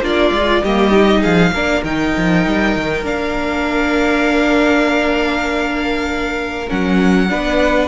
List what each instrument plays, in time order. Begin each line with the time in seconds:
0.00 cello A#3, viola D4, violin F4 D5
0.31 cello G#3, viola F4
0.62 cello G3, viola A#3, violin G4 D#5
0.91 viola D#4
1.20 cello F3, violin G#4 F5
1.51 cello A#3, viola D4, violin A#4
1.83 cello D#3, viola D#4, violin G5
2.16 cello F3
2.46 cello G3
2.76 cello D#3
3.03 cello A#3, viola D4, violin F5
6.68 cello F#3, viola C#4, violin F#5
7.29 cello B3, viola D4, violin B4